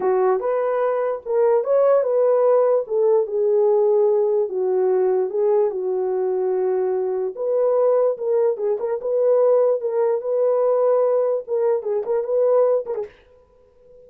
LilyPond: \new Staff \with { instrumentName = "horn" } { \time 4/4 \tempo 4 = 147 fis'4 b'2 ais'4 | cis''4 b'2 a'4 | gis'2. fis'4~ | fis'4 gis'4 fis'2~ |
fis'2 b'2 | ais'4 gis'8 ais'8 b'2 | ais'4 b'2. | ais'4 gis'8 ais'8 b'4. ais'16 gis'16 | }